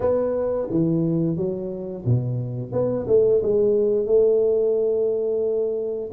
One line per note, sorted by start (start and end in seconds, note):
0.00 0.68 B3
0.70 1.36 E3
1.36 2.04 F#3
2.05 2.71 B2
2.71 3.06 B3
3.07 3.41 A3
3.42 4.06 G#3
4.06 6.10 A3